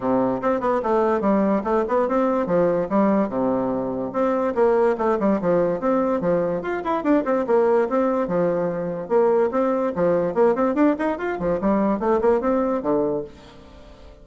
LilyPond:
\new Staff \with { instrumentName = "bassoon" } { \time 4/4 \tempo 4 = 145 c4 c'8 b8 a4 g4 | a8 b8 c'4 f4 g4 | c2 c'4 ais4 | a8 g8 f4 c'4 f4 |
f'8 e'8 d'8 c'8 ais4 c'4 | f2 ais4 c'4 | f4 ais8 c'8 d'8 dis'8 f'8 f8 | g4 a8 ais8 c'4 d4 | }